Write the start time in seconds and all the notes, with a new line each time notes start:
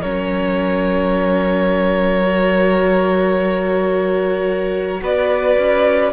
0.00 F#3 C#4 A#4 C#5
2.22 F#4
5.00 B3 B4 D5
5.58 C#4